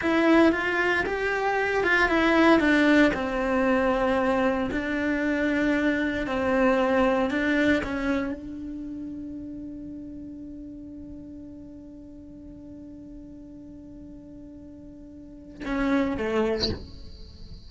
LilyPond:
\new Staff \with { instrumentName = "cello" } { \time 4/4 \tempo 4 = 115 e'4 f'4 g'4. f'8 | e'4 d'4 c'2~ | c'4 d'2. | c'2 d'4 cis'4 |
d'1~ | d'1~ | d'1~ | d'2 cis'4 a4 | }